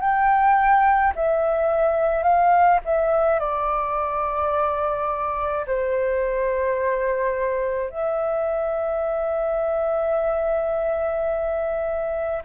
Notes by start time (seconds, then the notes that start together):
0.00 G5
1.15 E5
2.23 F5
2.85 E5
3.39 D5
5.66 C5
7.90 E5